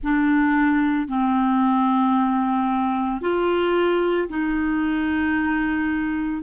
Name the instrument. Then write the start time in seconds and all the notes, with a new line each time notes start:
clarinet
0.03 D4
1.08 C4
3.21 F4
4.29 D#4